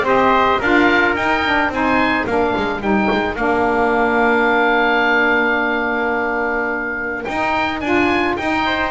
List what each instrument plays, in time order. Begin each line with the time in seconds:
0.00 double bass C4, saxophone G4, trumpet C5
0.07 oboe D#5
0.59 double bass D4, saxophone F4, trumpet A#4, oboe F5
1.15 double bass D#4, saxophone D#4, oboe G5
1.45 saxophone D4
1.69 double bass C4, saxophone D#4, oboe G#5
1.75 trumpet C5
2.26 double bass A#3, saxophone D4, trumpet A#4, oboe F5
2.56 double bass G#3
2.80 double bass G3, saxophone D#4, oboe G5
3.11 double bass G#3
3.35 double bass A#3, saxophone D4, oboe F5
7.24 double bass D#4, saxophone D#4, oboe G5
7.80 double bass D4, saxophone F4, oboe G#5
8.36 double bass D#4, saxophone D#4, oboe G5
8.65 trumpet C5